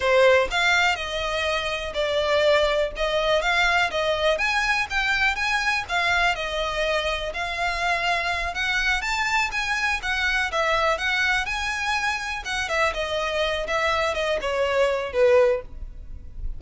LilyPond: \new Staff \with { instrumentName = "violin" } { \time 4/4 \tempo 4 = 123 c''4 f''4 dis''2 | d''2 dis''4 f''4 | dis''4 gis''4 g''4 gis''4 | f''4 dis''2 f''4~ |
f''4. fis''4 a''4 gis''8~ | gis''8 fis''4 e''4 fis''4 gis''8~ | gis''4. fis''8 e''8 dis''4. | e''4 dis''8 cis''4. b'4 | }